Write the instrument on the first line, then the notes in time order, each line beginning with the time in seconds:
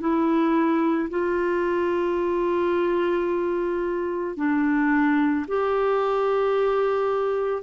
clarinet
0.00 E4
1.10 F4
4.36 D4
5.48 G4